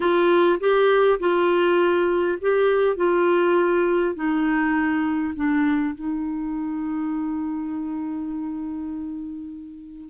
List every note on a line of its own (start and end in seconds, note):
0.00 0.59 F4
0.59 1.19 G4
1.19 2.38 F4
2.41 2.96 G4
2.96 4.15 F4
4.15 5.34 D#4
5.35 5.94 D4
5.94 10.09 D#4